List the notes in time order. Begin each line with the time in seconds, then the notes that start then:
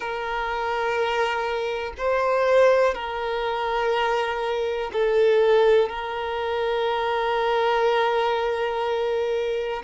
0.00 A#4
1.97 C5
2.94 A#4
4.92 A4
5.89 A#4